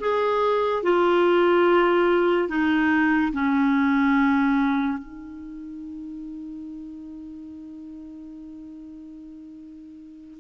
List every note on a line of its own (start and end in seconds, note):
0.00 0.83 G#4
0.83 2.48 F4
2.48 3.32 D#4
3.33 4.98 C#4
4.98 10.39 D#4